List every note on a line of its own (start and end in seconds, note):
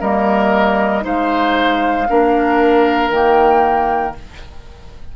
0.00 1.05 G3
0.00 1.01 A#3
0.00 1.03 A#4
0.00 1.04 D#5
1.01 2.09 G#3
1.01 2.04 D#4
1.01 2.08 C5
1.01 3.11 F5
2.09 3.09 A#3
2.09 3.11 D4
2.09 4.16 A#4
3.09 4.13 D#3
3.09 4.15 A#3
3.09 4.15 G5